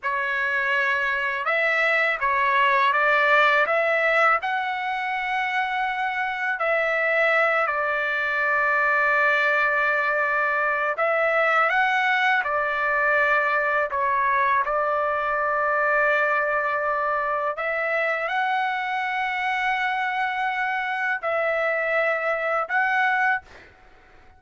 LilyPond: \new Staff \with { instrumentName = "trumpet" } { \time 4/4 \tempo 4 = 82 cis''2 e''4 cis''4 | d''4 e''4 fis''2~ | fis''4 e''4. d''4.~ | d''2. e''4 |
fis''4 d''2 cis''4 | d''1 | e''4 fis''2.~ | fis''4 e''2 fis''4 | }